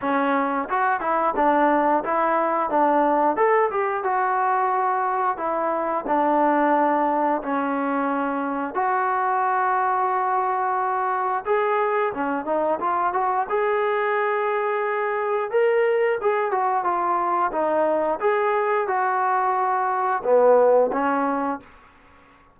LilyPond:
\new Staff \with { instrumentName = "trombone" } { \time 4/4 \tempo 4 = 89 cis'4 fis'8 e'8 d'4 e'4 | d'4 a'8 g'8 fis'2 | e'4 d'2 cis'4~ | cis'4 fis'2.~ |
fis'4 gis'4 cis'8 dis'8 f'8 fis'8 | gis'2. ais'4 | gis'8 fis'8 f'4 dis'4 gis'4 | fis'2 b4 cis'4 | }